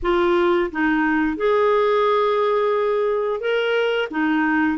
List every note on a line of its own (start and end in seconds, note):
0.02 0.70 F4
0.71 1.36 D#4
1.36 3.40 G#4
3.40 4.08 A#4
4.11 4.78 D#4